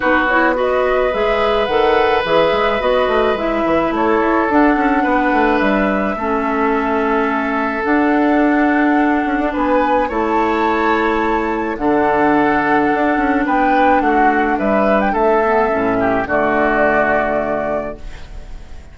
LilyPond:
<<
  \new Staff \with { instrumentName = "flute" } { \time 4/4 \tempo 4 = 107 b'8 cis''8 dis''4 e''4 fis''4 | e''4 dis''4 e''4 cis''4 | fis''2 e''2~ | e''2 fis''2~ |
fis''4 gis''4 a''2~ | a''4 fis''2. | g''4 fis''4 e''8. g''16 e''4~ | e''4 d''2. | }
  \new Staff \with { instrumentName = "oboe" } { \time 4/4 fis'4 b'2.~ | b'2. a'4~ | a'4 b'2 a'4~ | a'1~ |
a'4 b'4 cis''2~ | cis''4 a'2. | b'4 fis'4 b'4 a'4~ | a'8 g'8 fis'2. | }
  \new Staff \with { instrumentName = "clarinet" } { \time 4/4 dis'8 e'8 fis'4 gis'4 a'4 | gis'4 fis'4 e'2 | d'2. cis'4~ | cis'2 d'2~ |
d'2 e'2~ | e'4 d'2.~ | d'2.~ d'8 b8 | cis'4 a2. | }
  \new Staff \with { instrumentName = "bassoon" } { \time 4/4 b2 gis4 dis4 | e8 gis8 b8 a8 gis8 e8 a8 e'8 | d'8 cis'8 b8 a8 g4 a4~ | a2 d'2~ |
d'8 cis'16 d'16 b4 a2~ | a4 d2 d'8 cis'8 | b4 a4 g4 a4 | a,4 d2. | }
>>